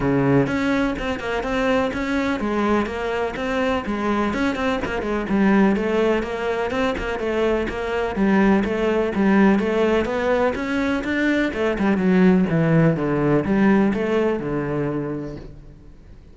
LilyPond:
\new Staff \with { instrumentName = "cello" } { \time 4/4 \tempo 4 = 125 cis4 cis'4 c'8 ais8 c'4 | cis'4 gis4 ais4 c'4 | gis4 cis'8 c'8 ais8 gis8 g4 | a4 ais4 c'8 ais8 a4 |
ais4 g4 a4 g4 | a4 b4 cis'4 d'4 | a8 g8 fis4 e4 d4 | g4 a4 d2 | }